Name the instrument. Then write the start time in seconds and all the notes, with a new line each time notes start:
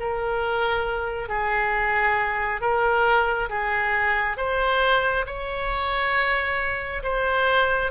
oboe
0.00 A#4
1.29 G#4
2.61 A#4
3.50 G#4
4.37 C5
5.27 C#5
7.03 C5